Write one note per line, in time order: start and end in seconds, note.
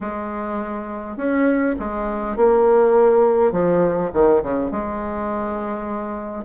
0.01 1.17 G#3
1.17 1.75 C#4
1.79 2.36 G#3
2.36 3.51 A#3
3.51 4.10 F3
4.13 4.42 D#3
4.43 4.71 C#3
4.71 6.44 G#3